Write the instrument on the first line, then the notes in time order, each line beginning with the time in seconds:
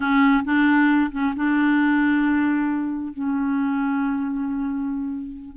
clarinet
0.00 C#4
0.44 D4
1.11 C#4
1.36 D4
3.13 C#4